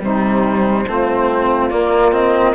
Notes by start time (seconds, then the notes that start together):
0.00 C3 G3 D#4 C5
0.87 A3 C4 F4
1.70 A#3 D5
2.11 C4 D#5